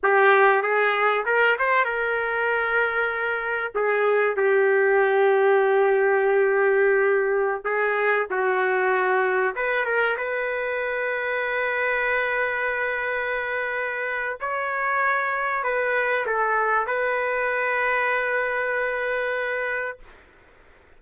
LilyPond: \new Staff \with { instrumentName = "trumpet" } { \time 4/4 \tempo 4 = 96 g'4 gis'4 ais'8 c''8 ais'4~ | ais'2 gis'4 g'4~ | g'1~ | g'16 gis'4 fis'2 b'8 ais'16~ |
ais'16 b'2.~ b'8.~ | b'2. cis''4~ | cis''4 b'4 a'4 b'4~ | b'1 | }